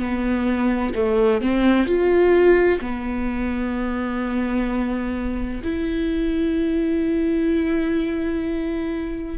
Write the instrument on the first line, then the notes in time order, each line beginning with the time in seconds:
viola
0.00 B3
0.95 A3
1.41 C4
1.86 F4
2.81 B3
5.63 E4